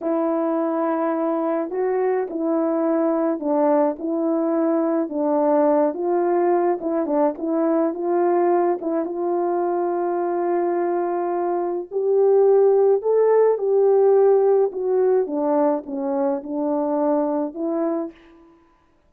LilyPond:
\new Staff \with { instrumentName = "horn" } { \time 4/4 \tempo 4 = 106 e'2. fis'4 | e'2 d'4 e'4~ | e'4 d'4. f'4. | e'8 d'8 e'4 f'4. e'8 |
f'1~ | f'4 g'2 a'4 | g'2 fis'4 d'4 | cis'4 d'2 e'4 | }